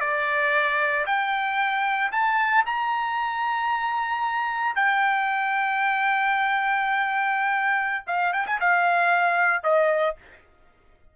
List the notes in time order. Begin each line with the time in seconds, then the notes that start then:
0.00 D5
1.06 G5
2.12 A5
2.66 A#5
4.75 G5
8.07 F5
8.33 G5
8.47 G#5
8.60 F5
9.63 D#5